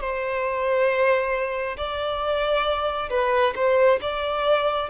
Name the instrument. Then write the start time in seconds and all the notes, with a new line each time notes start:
violin
0.00 C5
1.77 D5
3.09 B4
3.55 C5
4.01 D5